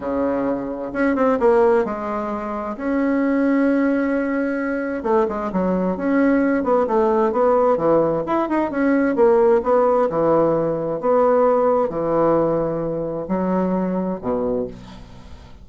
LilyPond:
\new Staff \with { instrumentName = "bassoon" } { \time 4/4 \tempo 4 = 131 cis2 cis'8 c'8 ais4 | gis2 cis'2~ | cis'2. a8 gis8 | fis4 cis'4. b8 a4 |
b4 e4 e'8 dis'8 cis'4 | ais4 b4 e2 | b2 e2~ | e4 fis2 b,4 | }